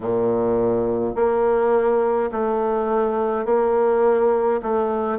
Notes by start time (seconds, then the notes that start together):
0.00 A#2
1.15 A#3
2.31 A3
3.45 A#3
4.62 A3